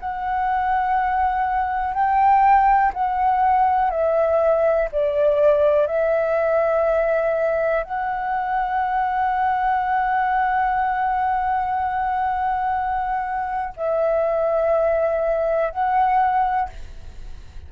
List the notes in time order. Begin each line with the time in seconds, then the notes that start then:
0.00 F#5
1.94 G5
2.94 F#5
3.90 E5
4.92 D5
5.87 E5
7.83 F#5
13.77 E5
15.71 F#5